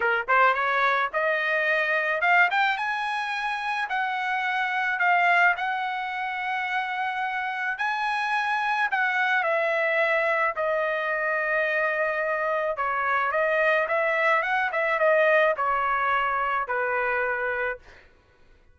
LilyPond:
\new Staff \with { instrumentName = "trumpet" } { \time 4/4 \tempo 4 = 108 ais'8 c''8 cis''4 dis''2 | f''8 g''8 gis''2 fis''4~ | fis''4 f''4 fis''2~ | fis''2 gis''2 |
fis''4 e''2 dis''4~ | dis''2. cis''4 | dis''4 e''4 fis''8 e''8 dis''4 | cis''2 b'2 | }